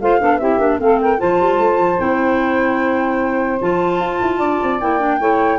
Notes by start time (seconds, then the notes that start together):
0.00 A3 F4 C5 F5
0.20 B3 D4 A4
0.38 C4 E4 G4 E5
0.58 A#3 D4
0.79 A3 C4 A4 F5
1.01 A#4 G5
1.18 F3 F4 C5 A5
1.40 G3
1.59 A3
1.78 F3
1.98 C4 E4 G5
3.61 F3 F4 A5
4.00 F4
4.21 E4
4.38 D4 D5
4.62 C4
4.80 A#3 E4 G5
4.99 D4
5.19 A3 E4 C#5